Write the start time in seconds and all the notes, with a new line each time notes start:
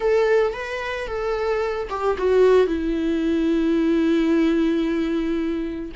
0.00 A4
0.53 B4
1.07 A4
1.89 G4
2.17 F#4
2.66 E4